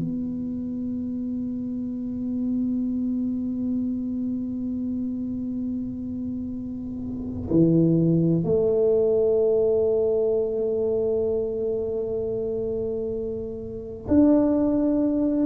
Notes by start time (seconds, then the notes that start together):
0.00 B3
7.51 E3
8.45 A3
14.08 D4